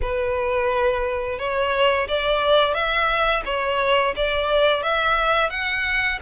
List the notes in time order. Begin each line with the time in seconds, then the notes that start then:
0.01 B4
1.38 C#5
2.08 D5
2.73 E5
3.45 C#5
4.15 D5
4.82 E5
5.50 F#5